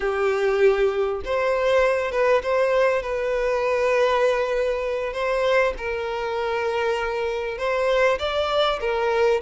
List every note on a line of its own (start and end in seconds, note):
0.00 1.21 G4
1.24 2.11 C5
2.11 2.42 B4
2.42 3.02 C5
3.02 5.13 B4
5.13 5.73 C5
5.77 7.58 A#4
7.58 8.18 C5
8.18 8.79 D5
8.80 9.40 A#4